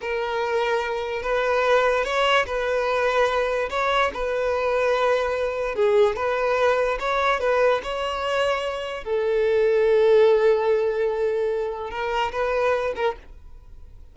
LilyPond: \new Staff \with { instrumentName = "violin" } { \time 4/4 \tempo 4 = 146 ais'2. b'4~ | b'4 cis''4 b'2~ | b'4 cis''4 b'2~ | b'2 gis'4 b'4~ |
b'4 cis''4 b'4 cis''4~ | cis''2 a'2~ | a'1~ | a'4 ais'4 b'4. ais'8 | }